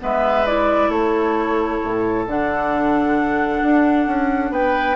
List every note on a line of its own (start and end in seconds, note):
0.00 0.89 G#3
0.00 0.45 B3
0.00 0.91 B4
0.00 0.46 E5
0.46 2.27 E4
0.46 0.91 D5
0.89 1.79 A3
0.89 4.52 A4
0.89 2.26 C#5
1.84 2.27 A2
2.27 3.62 D3
2.27 4.97 D4
2.27 4.54 F#5
3.63 4.07 D4
4.07 4.51 C#4
4.51 4.96 B3
4.51 4.97 B4
4.51 4.97 G5